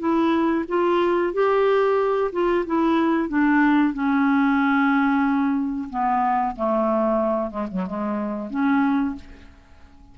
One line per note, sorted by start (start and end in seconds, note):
0.00 0.65 E4
0.69 1.34 F4
1.34 2.32 G4
2.33 2.66 F4
2.67 3.29 E4
3.29 3.94 D4
3.94 5.90 C#4
5.91 6.56 B3
6.56 7.51 A3
7.51 7.67 G#3
7.71 7.87 F#3
7.87 8.51 G#3
8.51 9.16 C#4